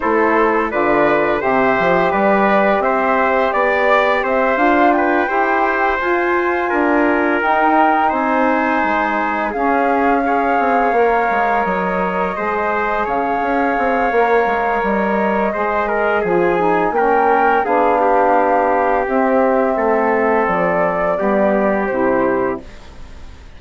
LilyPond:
<<
  \new Staff \with { instrumentName = "flute" } { \time 4/4 \tempo 4 = 85 c''4 d''4 e''4 d''4 | e''4 d''4 e''8 f''8 g''4~ | g''8 gis''2 g''4 gis''8~ | gis''4. f''2~ f''8~ |
f''8 dis''2 f''4.~ | f''4 dis''2 gis''4 | g''4 f''2 e''4~ | e''4 d''2 c''4 | }
  \new Staff \with { instrumentName = "trumpet" } { \time 4/4 a'4 b'4 c''4 b'4 | c''4 d''4 c''4 b'8 c''8~ | c''4. ais'2 c''8~ | c''4. gis'4 cis''4.~ |
cis''4. c''4 cis''4.~ | cis''2 c''8 ais'8 gis'4 | ais'4 gis'8 g'2~ g'8 | a'2 g'2 | }
  \new Staff \with { instrumentName = "saxophone" } { \time 4/4 e'4 f'4 g'2~ | g'2~ g'8 f'4 g'8~ | g'8 f'2 dis'4.~ | dis'4. cis'4 gis'4 ais'8~ |
ais'4. gis'2~ gis'8 | ais'2 gis'4 f'8 dis'8 | cis'4 d'2 c'4~ | c'2 b4 e'4 | }
  \new Staff \with { instrumentName = "bassoon" } { \time 4/4 a4 d4 c8 f8 g4 | c'4 b4 c'8 d'4 e'8~ | e'8 f'4 d'4 dis'4 c'8~ | c'8 gis4 cis'4. c'8 ais8 |
gis8 fis4 gis4 cis8 cis'8 c'8 | ais8 gis8 g4 gis4 f4 | ais4 b2 c'4 | a4 f4 g4 c4 | }
>>